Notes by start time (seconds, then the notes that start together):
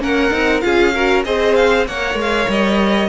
0.00 A#3 C#4 A#4 F#5
0.31 C4 D#4
0.61 C#4 F4 G#4 F5
0.94 F#4 A#4
1.25 C4 G#4 C5 D#5
1.56 F5
1.87 A#3 A#4 C#5 F#5
2.15 G#3
2.21 F5
2.48 G3 D#5